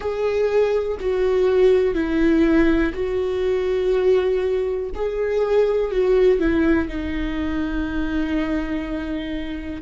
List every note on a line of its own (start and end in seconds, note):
0.00 0.97 G#4
1.00 1.94 F#4
1.94 2.92 E4
2.93 4.90 F#4
4.94 5.91 G#4
5.91 6.39 F#4
6.39 6.88 E4
6.88 9.82 D#4